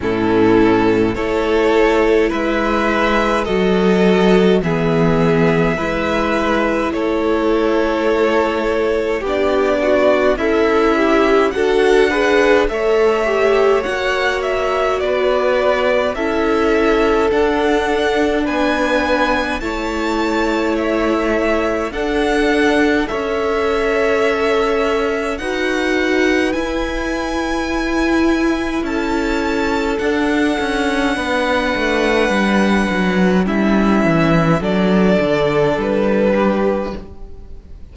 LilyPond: <<
  \new Staff \with { instrumentName = "violin" } { \time 4/4 \tempo 4 = 52 a'4 cis''4 e''4 dis''4 | e''2 cis''2 | d''4 e''4 fis''4 e''4 | fis''8 e''8 d''4 e''4 fis''4 |
gis''4 a''4 e''4 fis''4 | e''2 fis''4 gis''4~ | gis''4 a''4 fis''2~ | fis''4 e''4 d''4 b'4 | }
  \new Staff \with { instrumentName = "violin" } { \time 4/4 e'4 a'4 b'4 a'4 | gis'4 b'4 a'2 | g'8 fis'8 e'4 a'8 b'8 cis''4~ | cis''4 b'4 a'2 |
b'4 cis''2 a'4 | cis''2 b'2~ | b'4 a'2 b'4~ | b'4 e'4 a'4. g'8 | }
  \new Staff \with { instrumentName = "viola" } { \time 4/4 cis'4 e'2 fis'4 | b4 e'2. | d'4 a'8 g'8 fis'8 gis'8 a'8 g'8 | fis'2 e'4 d'4~ |
d'4 e'2 d'4 | a'2 fis'4 e'4~ | e'2 d'2~ | d'4 cis'4 d'2 | }
  \new Staff \with { instrumentName = "cello" } { \time 4/4 a,4 a4 gis4 fis4 | e4 gis4 a2 | b4 cis'4 d'4 a4 | ais4 b4 cis'4 d'4 |
b4 a2 d'4 | cis'2 dis'4 e'4~ | e'4 cis'4 d'8 cis'8 b8 a8 | g8 fis8 g8 e8 fis8 d8 g4 | }
>>